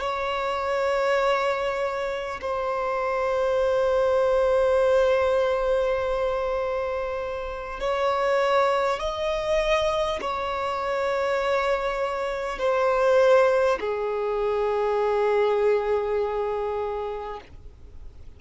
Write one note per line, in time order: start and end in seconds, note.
0.00 2.40 C#5
2.41 7.79 C5
7.79 8.99 C#5
8.99 10.19 D#5
10.21 12.58 C#5
12.58 13.78 C5
13.80 17.40 G#4